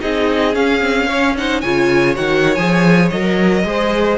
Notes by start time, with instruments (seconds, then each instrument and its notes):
0.00 cello C4, viola D#4, violin G#4 D#5
0.53 viola C#4, cello C#4, violin F5
0.81 viola C4
1.06 viola C#4, violin C#5
1.37 viola D#4, violin C5 F#5
1.61 cello C#3, viola F4, violin C#5 G#5
2.15 cello D#3, viola F#4, violin F#5
2.55 cello F3, viola G#4, violin G#5
3.10 cello F#3, viola A#4, violin D#5
3.64 cello G#3, viola G#4, violin C5